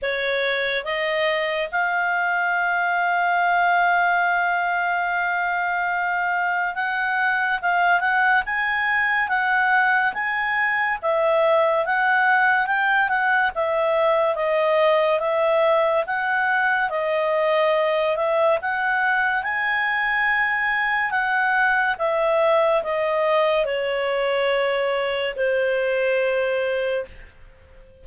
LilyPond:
\new Staff \with { instrumentName = "clarinet" } { \time 4/4 \tempo 4 = 71 cis''4 dis''4 f''2~ | f''1 | fis''4 f''8 fis''8 gis''4 fis''4 | gis''4 e''4 fis''4 g''8 fis''8 |
e''4 dis''4 e''4 fis''4 | dis''4. e''8 fis''4 gis''4~ | gis''4 fis''4 e''4 dis''4 | cis''2 c''2 | }